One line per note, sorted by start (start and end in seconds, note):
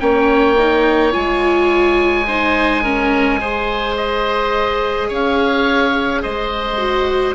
0.00 1.14 A#3
0.00 0.57 C#4
0.00 2.27 C#5
0.00 1.13 G5
0.58 1.12 D#4
1.12 5.10 G#3
1.12 2.25 F4
1.12 3.96 G#5
2.27 2.84 D#4
2.27 2.83 C5
2.83 3.41 C#4
2.83 3.40 A#4
3.41 6.78 G#4
3.41 5.09 C5
3.97 5.10 D#5
5.09 6.23 C#4
5.09 6.22 C#5
5.09 6.23 F5
6.23 7.35 G#3
6.23 7.35 C5
6.23 7.35 D#5
6.78 7.34 F#4